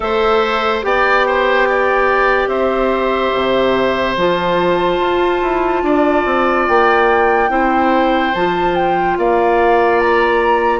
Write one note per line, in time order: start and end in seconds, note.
0.00 0.83 A3
0.00 0.81 A4
0.00 0.85 C5
0.00 0.82 E5
0.82 2.47 B3
0.82 4.15 G4
0.82 1.26 D5
0.82 2.48 G5
1.26 1.68 C5
1.68 2.49 D5
2.47 3.30 C4
2.47 5.82 C5
2.47 4.15 E5
3.33 4.16 C3
4.16 4.99 F3
4.16 7.49 F4
4.16 6.67 A5
4.99 5.41 F4
5.41 5.82 E4
5.82 6.24 D4
5.82 7.51 D5
6.25 6.66 C4
6.67 7.49 A#3
6.67 8.34 G5
7.49 8.32 C4
7.49 8.32 E4
7.49 9.17 C5
8.34 9.17 F3
8.34 10.80 F4
8.34 8.75 A5
8.75 9.16 G5
9.17 10.80 A#3
9.17 10.80 D5
9.17 10.00 F5
10.00 10.80 A#5